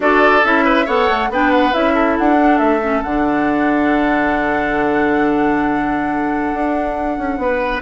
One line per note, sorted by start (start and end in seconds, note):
0.00 0.42 D4
0.00 0.41 F#4
0.00 0.64 A4
0.00 0.44 D5
0.44 0.87 C#4
0.44 0.86 E4
0.44 0.87 E5
0.64 0.85 B4
0.85 1.08 B3
0.85 1.30 A4
0.85 1.29 C#5
0.85 1.31 F#5
1.09 1.30 A3
1.30 1.73 B3
1.30 1.72 D4
1.30 1.94 B4
1.30 1.51 G5
1.51 1.73 F#5
1.72 2.18 C#4
1.72 2.37 E4
1.72 2.16 E5
1.94 7.38 A4
2.18 2.59 D4
2.18 2.58 F#5
2.37 2.80 D4
2.58 3.03 A3
2.58 3.01 E5
2.81 3.03 C#4
3.02 6.52 D3
3.02 7.82 D4
3.02 7.81 F#5
6.53 7.17 D4
7.17 7.37 C#4
7.37 7.81 B3
7.37 7.82 B4